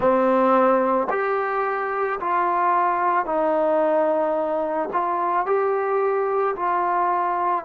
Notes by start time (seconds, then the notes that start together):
0.00 C4
1.10 G4
2.20 F4
3.25 D#4
4.92 F4
5.45 G4
6.56 F4